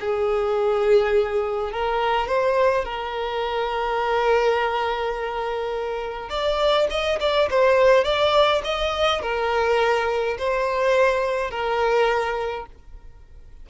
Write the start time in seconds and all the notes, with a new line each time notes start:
0.00 G#4
1.72 A#4
2.27 C5
2.84 A#4
6.29 D5
6.90 D#5
7.20 D5
7.49 C5
8.04 D5
8.64 D#5
9.22 A#4
10.38 C5
11.50 A#4